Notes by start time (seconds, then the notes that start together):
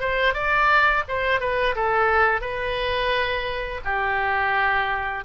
0.00 C5
0.33 D5
1.08 C5
1.40 B4
1.75 A4
2.41 B4
3.84 G4